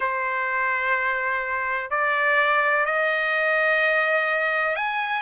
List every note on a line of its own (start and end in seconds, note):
0.00 1.90 C5
1.90 2.85 D5
2.85 4.76 D#5
4.76 5.21 G#5